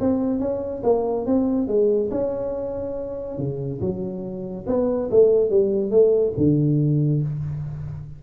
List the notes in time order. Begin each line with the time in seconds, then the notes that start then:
0.00 C4
0.40 C#4
0.83 A#3
1.26 C4
1.68 G#3
2.11 C#4
3.38 C#3
3.81 F#3
4.67 B3
5.11 A3
5.50 G3
5.91 A3
6.37 D3